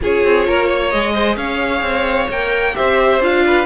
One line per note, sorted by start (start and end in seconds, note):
0.01 0.24 C#4
0.01 0.92 F4
0.01 0.47 G#4
0.01 0.90 C#5
0.24 0.47 C4
0.47 0.93 A#3
0.47 0.67 A#4
0.67 1.12 C#5
0.90 1.36 G#3
0.90 2.29 G#4
0.90 1.35 D#5
1.13 1.36 C5
1.36 1.81 C#4
1.36 2.75 C#5
1.36 2.28 F5
1.81 2.27 C4
2.28 2.74 A#3
2.28 2.73 A#4
2.28 2.75 G5
2.73 3.20 C4
2.73 3.19 G4
2.73 3.44 C5
2.73 3.21 E5
3.20 3.65 D4
3.20 3.65 F4
3.20 3.65 F5
3.46 3.65 B4